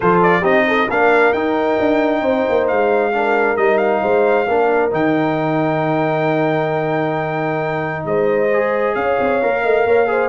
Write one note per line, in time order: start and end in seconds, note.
0.00 0.43 F3
0.00 0.42 F4
0.00 0.40 A4
0.00 0.20 C5
0.22 0.44 D5
0.40 0.88 C4
0.40 0.87 D#4
0.40 0.63 G4
0.40 0.89 D#5
0.67 0.89 A4
0.89 1.33 A#3
0.89 1.34 D4
0.89 2.21 A#4
0.89 1.32 F5
1.32 1.78 D#4
1.32 3.12 D#4
1.32 2.67 G5
1.79 2.21 D4
2.21 2.43 C4
2.21 3.10 C5
2.48 2.70 A#3
2.67 3.57 G#3
2.67 3.56 F5
3.12 3.56 D4
3.12 4.02 A#4
3.56 4.02 G3
3.56 4.46 D#4
3.56 3.77 D#5
3.77 4.89 F5
4.02 4.47 G#3
4.02 4.46 C5
4.48 4.91 A#3
4.48 4.90 D4
4.48 8.06 A#4
4.90 8.04 D#3
4.90 8.49 D#4
4.90 8.05 G5
8.04 8.94 G#3
8.04 8.96 C5
8.04 8.94 D#5
8.53 9.41 G#4
8.94 9.18 C#4
8.94 9.62 C#5
8.94 10.28 F5
9.20 9.42 C4
9.41 9.64 A#3
9.41 10.07 A#4
9.62 9.85 A3
9.62 9.85 D#5
9.85 10.28 A#3
9.85 10.08 C#5
10.07 10.28 G#4
10.07 10.28 C5